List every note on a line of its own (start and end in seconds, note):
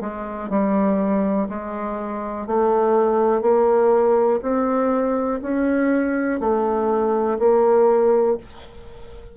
0.00 0.49 G#3
0.49 1.48 G3
1.48 2.46 G#3
2.46 3.41 A3
3.41 4.39 A#3
4.42 5.40 C4
5.42 6.40 C#4
6.40 7.38 A3
7.39 8.37 A#3